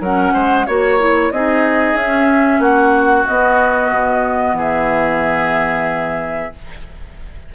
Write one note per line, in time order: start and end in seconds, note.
0.00 0.33 F#3
0.00 0.67 C#4
0.00 0.33 A#4
0.00 0.66 F#5
0.33 0.67 G#3
0.33 0.66 C5
0.66 1.32 A#3
0.66 0.99 F#4
0.66 1.32 C#5
0.66 1.33 C#5
0.99 1.32 E4
1.32 1.94 C4
1.32 1.99 D#4
1.32 2.60 G#4
1.32 1.96 D#5
1.94 2.59 C#4
1.94 3.27 C#4
1.94 2.62 E5
2.59 3.24 A#3
2.59 4.56 F#4
2.59 3.27 F#5
3.27 6.53 B3
3.27 3.91 B3
3.27 4.57 D#5
3.91 4.53 B2
4.53 6.49 E3
4.53 6.53 G#4
4.53 6.54 E5